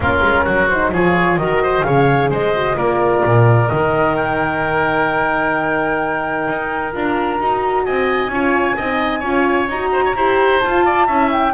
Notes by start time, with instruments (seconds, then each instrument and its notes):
0.00 double bass A#3, horn C#4, oboe F4, flute A#4
0.22 double bass G#3
0.44 double bass F#3, oboe F#4
0.68 horn D#4, flute C5
0.92 double bass F3, horn F4, oboe G#4, flute C#5
1.37 double bass D#3, horn F#4, oboe A#4, flute D#5
1.63 oboe C5
1.83 double bass C#3, horn G#4, oboe C#5, flute F5
2.30 double bass G#3, oboe C5, flute D#5
2.55 horn F#4
2.74 double bass A#3, horn F4, oboe A#4, flute D5
3.24 double bass A#2
3.69 double bass D#3, horn D#4, flute D#5
4.16 flute G5
6.48 double bass D#4
6.92 double bass D4, horn F4, flute A#5
7.38 double bass D#4, horn F#4
7.85 double bass C4, oboe D#5, flute G#5
8.28 double bass C#4, horn F4, oboe C#5
8.76 double bass C4, horn D#4, oboe D#5
9.19 double bass C#4, horn F4, oboe C#5
9.68 double bass D#4, horn F#4, flute A#5
9.92 oboe C5
10.04 oboe C#5
10.15 double bass E4, horn G4, oboe C5
10.60 horn F4, double bass F4, flute A5
10.85 oboe D5
11.07 double bass C#4, horn E4, oboe E5
11.32 flute G5